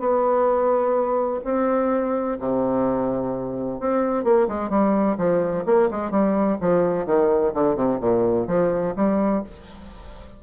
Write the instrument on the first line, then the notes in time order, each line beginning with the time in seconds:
bassoon
0.00 B3
1.45 C4
2.40 C3
3.81 C4
4.24 A#3
4.48 G#3
4.70 G3
5.18 F3
5.66 A#3
5.91 G#3
6.11 G3
6.61 F3
7.07 D#3
7.54 D3
7.76 C3
8.01 A#2
8.48 F3
8.97 G3